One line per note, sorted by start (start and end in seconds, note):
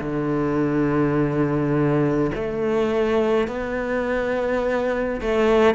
0.00 2.31 D3
2.35 3.48 A3
3.48 5.21 B3
5.21 5.75 A3